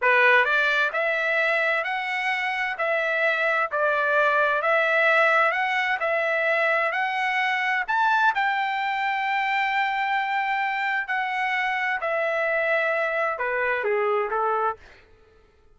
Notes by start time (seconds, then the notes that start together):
0.01 B4
0.44 D5
0.92 E5
1.84 F#5
2.77 E5
3.71 D5
4.62 E5
5.51 F#5
6.00 E5
6.91 F#5
7.87 A5
8.34 G5
11.07 F#5
12.01 E5
13.38 B4
13.83 G#4
14.30 A4